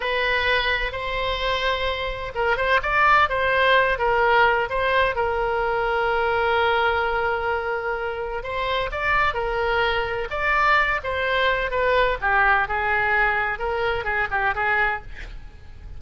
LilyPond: \new Staff \with { instrumentName = "oboe" } { \time 4/4 \tempo 4 = 128 b'2 c''2~ | c''4 ais'8 c''8 d''4 c''4~ | c''8 ais'4. c''4 ais'4~ | ais'1~ |
ais'2 c''4 d''4 | ais'2 d''4. c''8~ | c''4 b'4 g'4 gis'4~ | gis'4 ais'4 gis'8 g'8 gis'4 | }